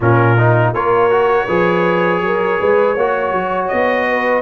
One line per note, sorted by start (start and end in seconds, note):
0.00 0.73 A#2
0.00 0.37 C#4
0.00 0.76 F4
0.00 0.74 A#4
0.37 0.74 D#4
0.73 1.47 A#3
0.73 1.10 F4
0.73 1.46 A#4
0.73 3.67 C#5
1.10 1.47 F#4
1.46 2.21 F3
1.46 2.96 G#4
1.46 2.20 B4
2.21 2.58 F#3
2.21 2.59 A#4
2.59 2.96 G#3
2.59 2.94 B4
2.94 3.32 A#3
2.94 4.42 F#4
2.94 4.05 C#5
3.32 3.69 F#3
3.67 4.42 B3
3.67 4.42 D#5
4.08 4.42 B4